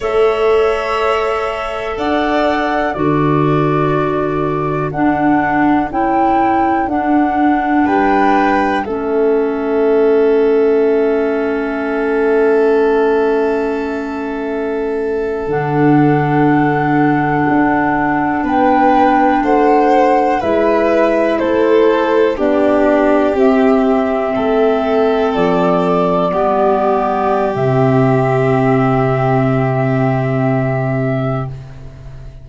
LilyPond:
<<
  \new Staff \with { instrumentName = "flute" } { \time 4/4 \tempo 4 = 61 e''2 fis''4 d''4~ | d''4 fis''4 g''4 fis''4 | g''4 e''2.~ | e''2.~ e''8. fis''16~ |
fis''2~ fis''8. g''4 fis''16~ | fis''8. e''4 c''4 d''4 e''16~ | e''4.~ e''16 d''2~ d''16 | e''1 | }
  \new Staff \with { instrumentName = "violin" } { \time 4/4 cis''2 d''4 a'4~ | a'1 | b'4 a'2.~ | a'1~ |
a'2~ a'8. b'4 c''16~ | c''8. b'4 a'4 g'4~ g'16~ | g'8. a'2 g'4~ g'16~ | g'1 | }
  \new Staff \with { instrumentName = "clarinet" } { \time 4/4 a'2. fis'4~ | fis'4 d'4 e'4 d'4~ | d'4 cis'2.~ | cis'2.~ cis'8. d'16~ |
d'1~ | d'8. e'2 d'4 c'16~ | c'2~ c'8. b4~ b16 | c'1 | }
  \new Staff \with { instrumentName = "tuba" } { \time 4/4 a2 d'4 d4~ | d4 d'4 cis'4 d'4 | g4 a2.~ | a2.~ a8. d16~ |
d4.~ d16 d'4 b4 a16~ | a8. gis4 a4 b4 c'16~ | c'8. a4 f4 g4~ g16 | c1 | }
>>